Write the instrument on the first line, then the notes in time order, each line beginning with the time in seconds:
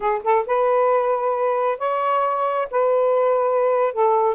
saxophone
0.00 G#4
0.23 A4
0.46 B4
1.78 C#5
2.70 B4
3.93 A4